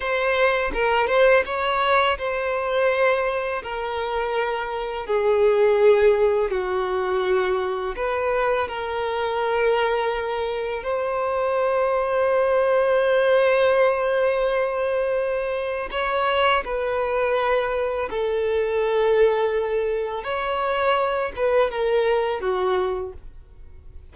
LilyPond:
\new Staff \with { instrumentName = "violin" } { \time 4/4 \tempo 4 = 83 c''4 ais'8 c''8 cis''4 c''4~ | c''4 ais'2 gis'4~ | gis'4 fis'2 b'4 | ais'2. c''4~ |
c''1~ | c''2 cis''4 b'4~ | b'4 a'2. | cis''4. b'8 ais'4 fis'4 | }